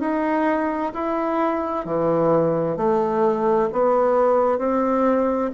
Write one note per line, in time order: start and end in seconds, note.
0.00 0.92 D#4
0.93 1.85 E4
1.85 2.77 E3
2.77 3.69 A3
3.72 4.58 B3
4.58 5.50 C4